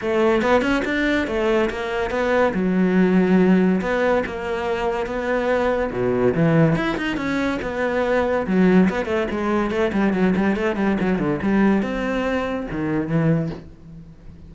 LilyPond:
\new Staff \with { instrumentName = "cello" } { \time 4/4 \tempo 4 = 142 a4 b8 cis'8 d'4 a4 | ais4 b4 fis2~ | fis4 b4 ais2 | b2 b,4 e4 |
e'8 dis'8 cis'4 b2 | fis4 b8 a8 gis4 a8 g8 | fis8 g8 a8 g8 fis8 d8 g4 | c'2 dis4 e4 | }